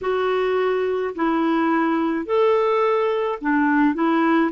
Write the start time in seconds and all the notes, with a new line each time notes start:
0.01 F#4
1.15 E4
2.25 A4
3.41 D4
3.94 E4